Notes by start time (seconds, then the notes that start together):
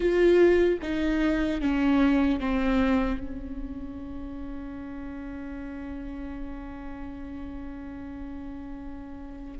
0.00 F4
0.82 D#4
1.61 C#4
2.40 C4
3.19 C#4